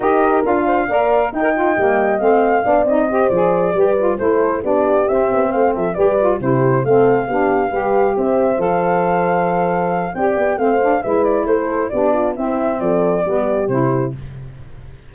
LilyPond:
<<
  \new Staff \with { instrumentName = "flute" } { \time 4/4 \tempo 4 = 136 dis''4 f''2 g''4~ | g''4 f''4. dis''4 d''8~ | d''4. c''4 d''4 e''8~ | e''8 f''8 e''8 d''4 c''4 f''8~ |
f''2~ f''8 e''4 f''8~ | f''2. g''4 | f''4 e''8 d''8 c''4 d''4 | e''4 d''2 c''4 | }
  \new Staff \with { instrumentName = "horn" } { \time 4/4 ais'4. c''8 d''4 dis''4~ | dis''2 d''4 c''4~ | c''8 b'4 a'4 g'4.~ | g'8 c''8 a'8 b'4 g'4 a'8~ |
a'8 g'4 b'4 c''4.~ | c''2. d''4 | c''4 b'4 a'4 g'8 f'8 | e'4 a'4 g'2 | }
  \new Staff \with { instrumentName = "saxophone" } { \time 4/4 g'4 f'4 ais'4 dis'16 ais'16 f'8 | ais4 c'4 d'8 dis'8 g'8 gis'8~ | gis'8 g'8 f'8 e'4 d'4 c'8~ | c'4. g'8 f'8 e'4 c'8~ |
c'8 d'4 g'2 a'8~ | a'2. g'4 | c'8 d'8 e'2 d'4 | c'2 b4 e'4 | }
  \new Staff \with { instrumentName = "tuba" } { \time 4/4 dis'4 d'4 ais4 dis'4 | g4 a4 b8 c'4 f8~ | f8 g4 a4 b4 c'8 | b8 a8 f8 g4 c4 a8~ |
a8 b4 g4 c'4 f8~ | f2. c'8 b8 | a4 gis4 a4 b4 | c'4 f4 g4 c4 | }
>>